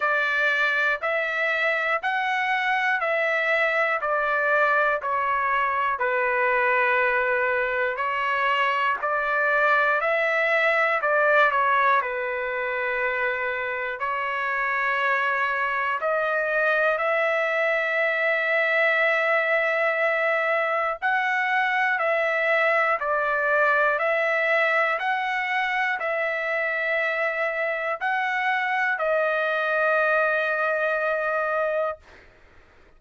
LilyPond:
\new Staff \with { instrumentName = "trumpet" } { \time 4/4 \tempo 4 = 60 d''4 e''4 fis''4 e''4 | d''4 cis''4 b'2 | cis''4 d''4 e''4 d''8 cis''8 | b'2 cis''2 |
dis''4 e''2.~ | e''4 fis''4 e''4 d''4 | e''4 fis''4 e''2 | fis''4 dis''2. | }